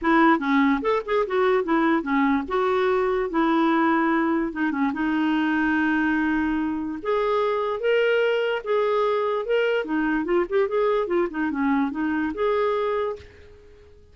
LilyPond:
\new Staff \with { instrumentName = "clarinet" } { \time 4/4 \tempo 4 = 146 e'4 cis'4 a'8 gis'8 fis'4 | e'4 cis'4 fis'2 | e'2. dis'8 cis'8 | dis'1~ |
dis'4 gis'2 ais'4~ | ais'4 gis'2 ais'4 | dis'4 f'8 g'8 gis'4 f'8 dis'8 | cis'4 dis'4 gis'2 | }